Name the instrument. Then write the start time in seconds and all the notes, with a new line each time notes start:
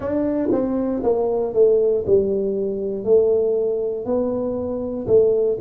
tuba
0.00 D4
0.51 C4
1.03 A#3
1.53 A3
2.06 G3
3.04 A3
4.04 B3
5.07 A3